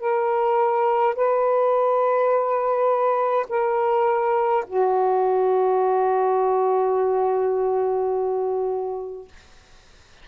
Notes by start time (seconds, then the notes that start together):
0.00 A#4
1.16 B4
3.49 A#4
4.67 F#4